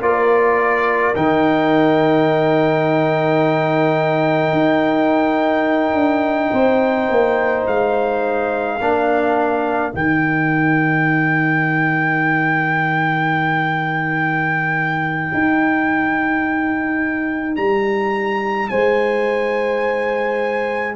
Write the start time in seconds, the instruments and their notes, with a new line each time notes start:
0.00 tuba A#3, trombone F4, horn A#4, trumpet D5
1.15 tuba D#3, trombone D#4, trumpet G5
4.52 tuba D#4
5.94 tuba D4
6.52 tuba C4, horn C5
7.09 tuba A#3
7.67 tuba G#3, trumpet F5
8.77 tuba A#3, trombone D4, horn A#4
9.92 tuba D#3, trombone D#4, trumpet G5
15.33 tuba D#4
17.56 tuba G3, trumpet A#5
18.69 tuba G#3, horn C5, trumpet G#5